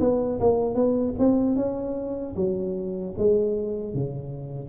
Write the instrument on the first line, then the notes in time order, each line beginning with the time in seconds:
tuba
0.00 B3
0.40 A#3
0.75 B3
1.19 C4
1.56 C#4
2.36 F#3
3.18 G#3
3.94 C#3